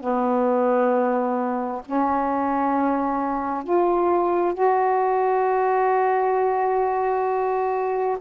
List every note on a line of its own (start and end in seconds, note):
0.00 1.82 B3
1.86 3.63 C#4
3.63 4.54 F4
4.54 8.17 F#4